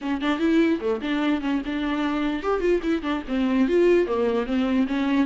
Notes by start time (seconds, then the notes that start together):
0.01 C#4
0.21 D4
0.39 E4
0.80 A3
1.01 D4
1.41 C#4
1.65 D4
2.42 G4
2.60 F4
2.82 E4
3.02 D4
3.28 C4
3.68 F4
4.07 A#3
4.46 C4
4.87 C#4